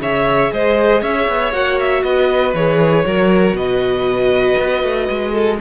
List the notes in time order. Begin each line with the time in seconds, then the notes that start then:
0.00 C#3 G#4 C#5 E5
0.52 G#3 C5 D#5
1.01 C#4 C#5 E5
1.28 B3
1.52 A#3 F#4 F#5
1.80 E5
2.03 B3 B4 D#5
2.53 E3 G#4 C#5
3.05 F#3 F#4 A#4
3.53 B2 B4 D#5
4.58 B3
4.83 A3
5.09 G#3
5.32 A4